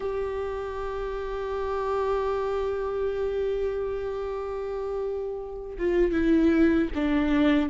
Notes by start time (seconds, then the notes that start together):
0.00 G4
5.78 F4
6.12 E4
6.94 D4